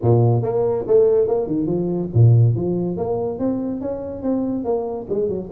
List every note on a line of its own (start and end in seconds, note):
0.01 0.42 A#2
0.42 0.85 A#3
0.87 1.27 A3
1.27 1.47 A#3
1.47 1.66 D#3
1.66 2.08 F3
2.13 2.55 A#2
2.55 2.96 F3
2.96 3.38 A#3
3.38 3.80 C4
3.80 4.22 C#4
4.22 4.64 C4
4.64 5.06 A#3
5.09 5.28 G#3
5.28 5.49 F#3